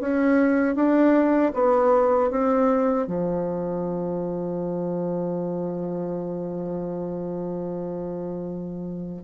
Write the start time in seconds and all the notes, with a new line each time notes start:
0.00 C#4
0.76 D4
1.54 B3
2.31 C4
3.07 F3